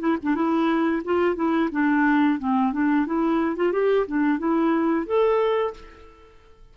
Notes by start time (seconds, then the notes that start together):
0.00 E4
0.23 D4
0.35 E4
1.05 F4
1.36 E4
1.72 D4
2.39 C4
2.73 D4
3.06 E4
3.56 F4
3.73 G4
4.07 D4
4.39 E4
5.07 A4